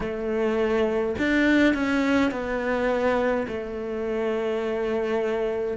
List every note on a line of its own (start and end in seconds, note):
0.00 1.15 A3
1.18 1.74 D4
1.74 2.31 C#4
2.31 3.46 B3
3.47 5.77 A3